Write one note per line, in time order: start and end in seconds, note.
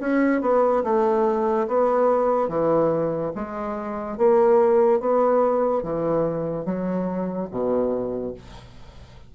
0.00 0.42 C#4
0.42 0.83 B3
0.84 1.67 A3
1.68 2.49 B3
2.49 3.32 E3
3.36 4.18 G#3
4.18 5.00 A#3
5.00 5.83 B3
5.83 6.65 E3
6.65 7.48 F#3
7.51 8.34 B2